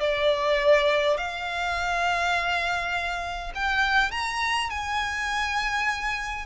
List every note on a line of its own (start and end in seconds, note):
0.00 1.17 D5
1.17 3.52 F5
3.55 4.11 G5
4.11 4.70 A#5
4.70 6.46 G#5